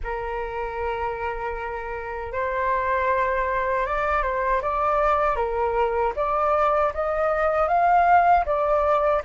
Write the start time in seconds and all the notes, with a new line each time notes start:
0.03 A#4
2.32 C5
3.86 D5
4.22 C5
4.61 D5
5.36 A#4
6.15 D5
6.93 D#5
7.67 F5
8.45 D5